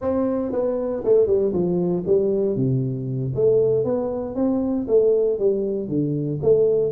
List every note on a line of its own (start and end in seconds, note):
0.01 0.52 C4
0.52 1.03 B3
1.04 1.26 A3
1.26 1.52 G3
1.52 2.04 F3
2.06 2.56 G3
2.56 3.33 C3
3.34 3.84 A3
3.84 4.35 B3
4.35 4.86 C4
4.87 5.38 A3
5.38 5.88 G3
5.88 6.39 D3
6.42 6.92 A3